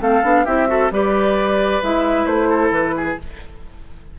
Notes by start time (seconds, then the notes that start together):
0.00 A3 C4 A4 F5
0.23 B3 D4
0.45 C4 E4 G4 E5
0.67 F#4 A4
0.91 G3 G4 B4 D5
1.82 G#3 E4 E5
2.26 A3 C5
2.49 A4
2.70 E3 B4
2.96 G#4